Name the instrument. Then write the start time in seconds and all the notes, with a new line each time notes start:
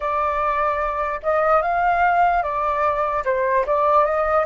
flute
0.00 D5
1.22 D#5
1.61 F5
2.42 D5
3.24 C5
3.66 D5
4.04 D#5